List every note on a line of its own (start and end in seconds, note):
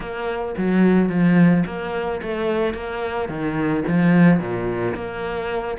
0.00 0.54 A#3
0.57 1.09 F#3
1.09 1.64 F3
1.66 2.21 A#3
2.21 2.73 A3
2.73 3.28 A#3
3.28 3.83 D#3
3.87 4.39 F3
4.39 4.94 A#2
4.95 5.77 A#3